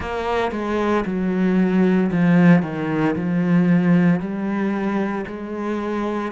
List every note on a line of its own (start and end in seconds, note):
0.00 0.51 A#3
0.51 1.04 G#3
1.05 2.11 F#3
2.11 2.62 F3
2.62 3.15 D#3
3.15 4.20 F3
4.20 5.25 G3
5.26 6.32 G#3